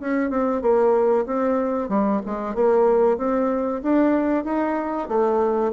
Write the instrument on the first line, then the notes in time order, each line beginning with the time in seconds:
bassoon
0.00 C#4
0.30 C4
0.62 A#3
1.26 C4
1.89 G3
2.26 G#3
2.55 A#3
3.18 C4
3.83 D4
4.45 D#4
5.09 A3